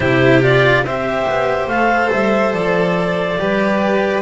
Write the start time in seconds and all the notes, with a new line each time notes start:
0.00 C3 E4 G4 C5
0.41 F4 D5
0.83 C4 G4 C5 E5
1.27 B3
1.67 A3 A4 F5
2.12 G3 E5
2.53 F3 D5
3.38 G3 G4 B4